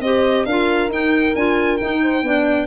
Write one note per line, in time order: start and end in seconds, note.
0.00 0.44 C4
0.00 0.48 G4
0.00 0.46 C5
0.00 0.46 D#5
0.46 0.89 D4
0.46 0.91 F4
0.46 2.02 A#4
0.46 0.90 F5
0.89 1.34 D#4
0.89 1.35 D#4
0.89 1.36 G5
1.36 1.80 D4
1.36 1.80 F4
1.36 1.77 G#5
1.77 2.24 D#4
1.77 2.23 D#4
1.77 2.66 G5
2.03 2.25 C5
2.23 2.67 B3
2.23 2.67 D4
2.23 2.67 D5